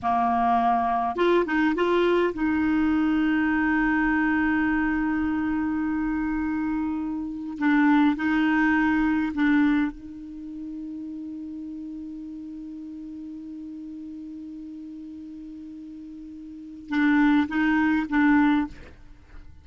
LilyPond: \new Staff \with { instrumentName = "clarinet" } { \time 4/4 \tempo 4 = 103 ais2 f'8 dis'8 f'4 | dis'1~ | dis'1~ | dis'4 d'4 dis'2 |
d'4 dis'2.~ | dis'1~ | dis'1~ | dis'4 d'4 dis'4 d'4 | }